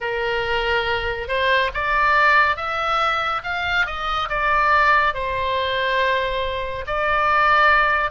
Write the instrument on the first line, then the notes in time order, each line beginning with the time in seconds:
oboe
0.00 A#4
1.28 C5
1.74 D5
2.56 E5
3.43 F5
3.86 D#5
4.29 D5
5.14 C5
6.86 D5